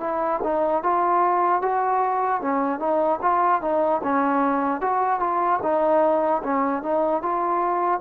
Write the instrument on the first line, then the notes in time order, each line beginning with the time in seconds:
trombone
0.00 E4
0.43 D#4
0.83 F4
1.62 F#4
2.41 C#4
2.80 D#4
3.22 F4
3.61 D#4
4.04 C#4
4.81 F#4
5.20 F4
5.63 D#4
6.43 C#4
6.83 D#4
7.22 F4